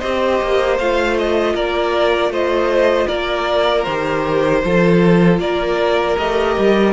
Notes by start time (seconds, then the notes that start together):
0.00 C4 G4 C5 D#5
0.43 A#3
0.79 A3 F4 F5
1.19 D#5
1.55 A#3 A#4 D5
2.29 A3 C5 D#5
3.08 A#3 A#4 D5
3.84 D#3 G4 C5
4.65 F3 F4 A4
5.40 A#3 A#4 D5
6.18 A3 G4 D#5
6.59 G3